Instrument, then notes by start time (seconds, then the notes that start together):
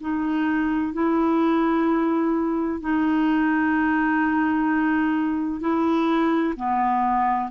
clarinet
0.00 D#4
0.93 E4
2.80 D#4
5.60 E4
6.56 B3